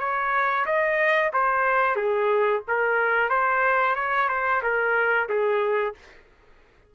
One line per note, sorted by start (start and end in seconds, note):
0.00 0.66 C#5
0.66 1.32 D#5
1.34 1.96 C5
1.96 2.62 G#4
2.68 3.30 A#4
3.30 3.96 C5
3.96 4.29 C#5
4.29 4.62 C5
4.63 5.29 A#4
5.29 5.95 G#4